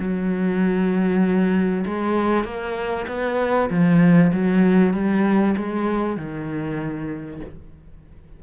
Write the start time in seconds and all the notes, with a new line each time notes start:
0.00 F#3
1.86 G#3
2.45 A#3
3.08 B3
3.70 F3
4.33 F#3
4.94 G3
5.58 G#3
6.17 D#3